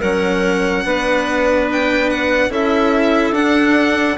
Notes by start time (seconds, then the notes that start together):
0.00 F#3 C#4 A#4 F#5
0.85 B3 D4 B4
1.73 G5
2.11 F#5
2.49 C#4 E4 A4 E5
3.32 D4 F#5